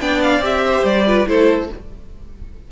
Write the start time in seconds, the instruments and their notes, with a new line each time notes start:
0.00 cello B3, viola D4, violin D5 G5
0.22 violin F5
0.38 cello C4, viola G4, violin E5
0.65 violin C5
0.83 cello G3, violin D5
1.06 viola F4, violin B4
1.26 cello A3, viola E4, violin A4 C5